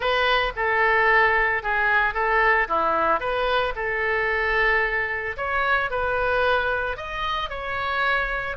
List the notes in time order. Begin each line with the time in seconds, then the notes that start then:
0.00 B4
0.56 A4
1.62 G#4
2.14 A4
2.68 E4
3.19 B4
3.75 A4
5.36 C#5
5.90 B4
6.96 D#5
7.49 C#5